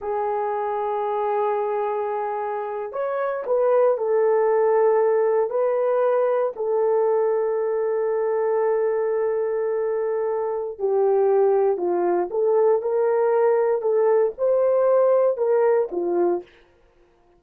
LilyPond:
\new Staff \with { instrumentName = "horn" } { \time 4/4 \tempo 4 = 117 gis'1~ | gis'4.~ gis'16 cis''4 b'4 a'16~ | a'2~ a'8. b'4~ b'16~ | b'8. a'2.~ a'16~ |
a'1~ | a'4 g'2 f'4 | a'4 ais'2 a'4 | c''2 ais'4 f'4 | }